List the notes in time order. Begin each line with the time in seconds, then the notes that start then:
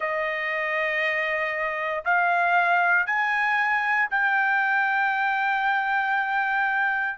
0.00 D#5
2.04 F5
3.06 G#5
4.10 G5